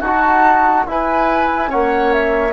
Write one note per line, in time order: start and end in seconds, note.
0.00 0.86 D#4
0.00 0.85 F#4
0.00 0.87 F#4
0.00 0.85 A5
0.87 1.67 E4
0.87 1.73 E4
0.87 1.70 B4
0.87 1.71 G#5
1.67 2.53 A#3
1.67 2.52 C#4
1.67 2.53 C#5
1.67 2.13 F#5
2.13 2.53 E5